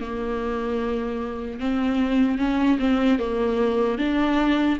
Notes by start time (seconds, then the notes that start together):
0.00 A#3
1.60 C4
2.38 C#4
2.79 C4
3.19 A#3
3.98 D4